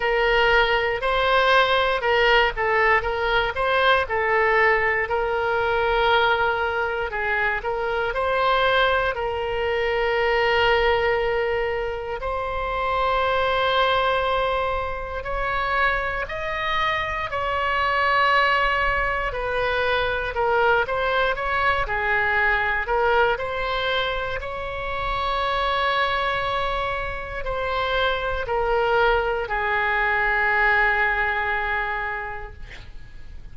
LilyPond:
\new Staff \with { instrumentName = "oboe" } { \time 4/4 \tempo 4 = 59 ais'4 c''4 ais'8 a'8 ais'8 c''8 | a'4 ais'2 gis'8 ais'8 | c''4 ais'2. | c''2. cis''4 |
dis''4 cis''2 b'4 | ais'8 c''8 cis''8 gis'4 ais'8 c''4 | cis''2. c''4 | ais'4 gis'2. | }